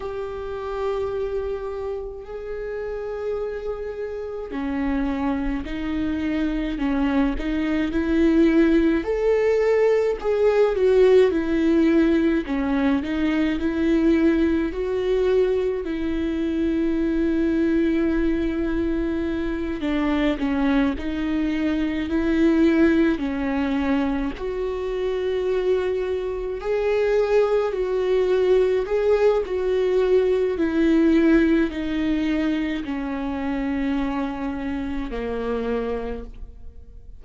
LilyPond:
\new Staff \with { instrumentName = "viola" } { \time 4/4 \tempo 4 = 53 g'2 gis'2 | cis'4 dis'4 cis'8 dis'8 e'4 | a'4 gis'8 fis'8 e'4 cis'8 dis'8 | e'4 fis'4 e'2~ |
e'4. d'8 cis'8 dis'4 e'8~ | e'8 cis'4 fis'2 gis'8~ | gis'8 fis'4 gis'8 fis'4 e'4 | dis'4 cis'2 ais4 | }